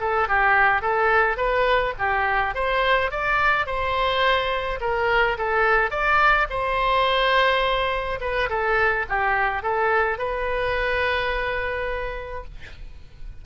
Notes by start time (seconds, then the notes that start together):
0.00 A4
0.28 G4
0.81 A4
1.37 B4
1.99 G4
2.54 C5
3.11 D5
3.66 C5
4.80 A#4
5.37 A4
5.90 D5
6.49 C5
8.20 B4
8.49 A4
9.09 G4
9.63 A4
10.18 B4